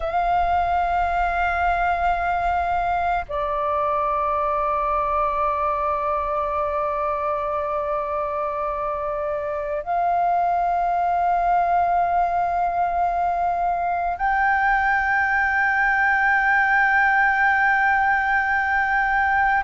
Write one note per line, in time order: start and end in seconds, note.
0.00 3.25 F5
3.28 9.83 D5
9.83 14.17 F5
14.17 19.63 G5